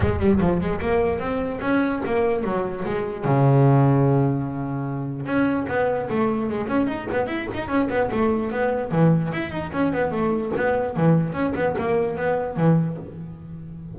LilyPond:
\new Staff \with { instrumentName = "double bass" } { \time 4/4 \tempo 4 = 148 gis8 g8 f8 gis8 ais4 c'4 | cis'4 ais4 fis4 gis4 | cis1~ | cis4 cis'4 b4 a4 |
gis8 cis'8 dis'8 b8 e'8 dis'8 cis'8 b8 | a4 b4 e4 e'8 dis'8 | cis'8 b8 a4 b4 e4 | cis'8 b8 ais4 b4 e4 | }